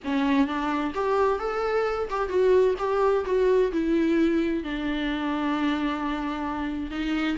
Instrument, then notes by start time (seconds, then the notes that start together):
viola
0.04 C#4
0.47 D4
0.94 G4
1.39 A4
2.10 G4
2.28 F#4
2.78 G4
3.25 F#4
3.72 E4
4.63 D4
6.90 D#4